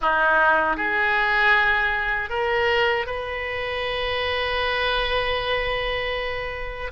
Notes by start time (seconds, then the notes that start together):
0.01 D#4
0.76 G#4
2.29 A#4
3.06 B4